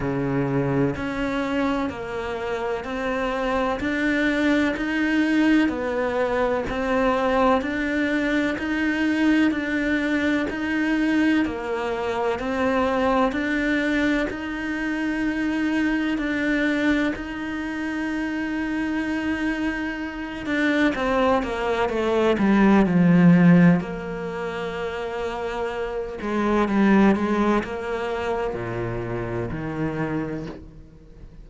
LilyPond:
\new Staff \with { instrumentName = "cello" } { \time 4/4 \tempo 4 = 63 cis4 cis'4 ais4 c'4 | d'4 dis'4 b4 c'4 | d'4 dis'4 d'4 dis'4 | ais4 c'4 d'4 dis'4~ |
dis'4 d'4 dis'2~ | dis'4. d'8 c'8 ais8 a8 g8 | f4 ais2~ ais8 gis8 | g8 gis8 ais4 ais,4 dis4 | }